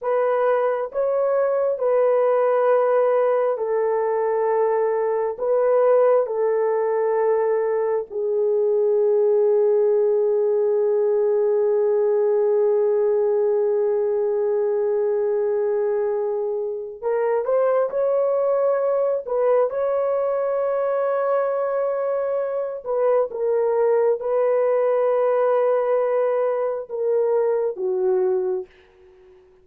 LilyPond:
\new Staff \with { instrumentName = "horn" } { \time 4/4 \tempo 4 = 67 b'4 cis''4 b'2 | a'2 b'4 a'4~ | a'4 gis'2.~ | gis'1~ |
gis'2. ais'8 c''8 | cis''4. b'8 cis''2~ | cis''4. b'8 ais'4 b'4~ | b'2 ais'4 fis'4 | }